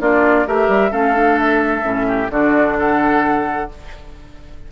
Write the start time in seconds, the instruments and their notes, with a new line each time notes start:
0.00 bassoon A#3, clarinet D4, oboe F4, flute D5
0.47 bassoon A3, clarinet G4, oboe A#4, flute E5
0.68 bassoon G3
0.91 bassoon A3, clarinet C#4, oboe A4, flute F5
1.14 clarinet D4
1.39 flute E5
1.82 bassoon A2, clarinet C#4
2.08 oboe G4
2.30 bassoon D3, clarinet D4, oboe F#4, flute D5
2.78 oboe A4, flute F#5